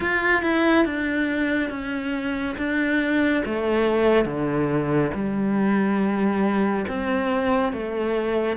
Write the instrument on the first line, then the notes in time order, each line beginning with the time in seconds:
cello
0.00 F4
0.42 E4
0.85 D4
1.69 C#4
2.57 D4
3.45 A3
4.25 D3
5.14 G3
6.88 C4
7.73 A3